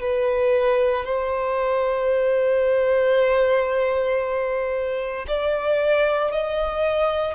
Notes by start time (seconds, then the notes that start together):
0.00 B4
1.05 C5
5.28 D5
6.31 D#5